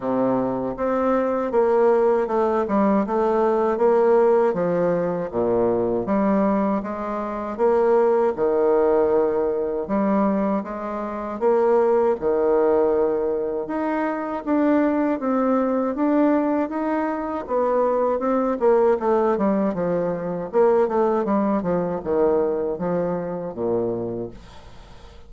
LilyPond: \new Staff \with { instrumentName = "bassoon" } { \time 4/4 \tempo 4 = 79 c4 c'4 ais4 a8 g8 | a4 ais4 f4 ais,4 | g4 gis4 ais4 dis4~ | dis4 g4 gis4 ais4 |
dis2 dis'4 d'4 | c'4 d'4 dis'4 b4 | c'8 ais8 a8 g8 f4 ais8 a8 | g8 f8 dis4 f4 ais,4 | }